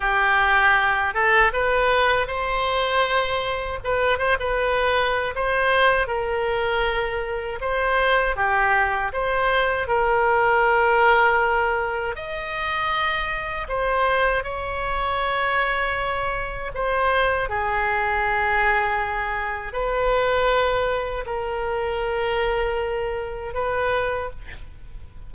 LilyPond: \new Staff \with { instrumentName = "oboe" } { \time 4/4 \tempo 4 = 79 g'4. a'8 b'4 c''4~ | c''4 b'8 c''16 b'4~ b'16 c''4 | ais'2 c''4 g'4 | c''4 ais'2. |
dis''2 c''4 cis''4~ | cis''2 c''4 gis'4~ | gis'2 b'2 | ais'2. b'4 | }